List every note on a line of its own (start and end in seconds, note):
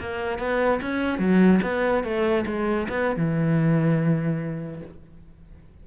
0.00 0.39 A#3
0.39 0.80 B3
0.81 1.18 C#4
1.18 1.60 F#3
1.63 2.04 B3
2.04 2.45 A3
2.46 2.88 G#3
2.89 3.16 B3
3.16 4.82 E3